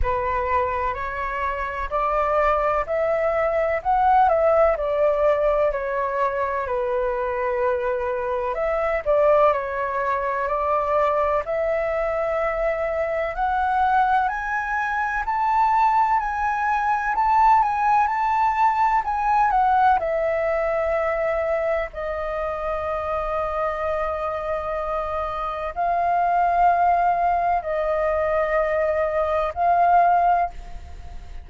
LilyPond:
\new Staff \with { instrumentName = "flute" } { \time 4/4 \tempo 4 = 63 b'4 cis''4 d''4 e''4 | fis''8 e''8 d''4 cis''4 b'4~ | b'4 e''8 d''8 cis''4 d''4 | e''2 fis''4 gis''4 |
a''4 gis''4 a''8 gis''8 a''4 | gis''8 fis''8 e''2 dis''4~ | dis''2. f''4~ | f''4 dis''2 f''4 | }